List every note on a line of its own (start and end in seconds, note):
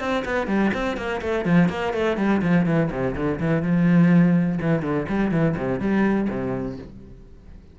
0.00 0.24 C4
0.25 0.47 B3
0.47 0.71 G3
0.74 0.97 C4
0.97 1.21 A#3
1.22 1.45 A3
1.45 1.69 F3
1.69 1.94 A#3
1.94 2.17 A3
2.17 2.41 G3
2.42 2.66 F3
2.66 2.90 E3
2.91 3.15 C3
3.16 3.40 D3
3.40 3.63 E3
3.63 4.59 F3
4.61 4.82 E3
4.82 5.07 D3
5.09 5.32 G3
5.32 5.56 E3
5.57 5.80 C3
5.80 6.28 G3
6.30 6.78 C3